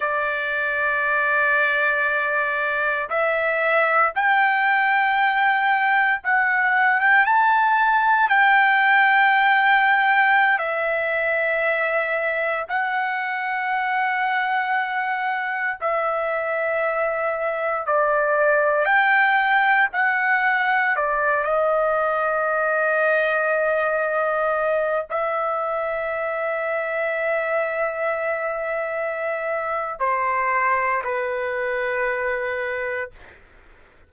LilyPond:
\new Staff \with { instrumentName = "trumpet" } { \time 4/4 \tempo 4 = 58 d''2. e''4 | g''2 fis''8. g''16 a''4 | g''2~ g''16 e''4.~ e''16~ | e''16 fis''2. e''8.~ |
e''4~ e''16 d''4 g''4 fis''8.~ | fis''16 d''8 dis''2.~ dis''16~ | dis''16 e''2.~ e''8.~ | e''4 c''4 b'2 | }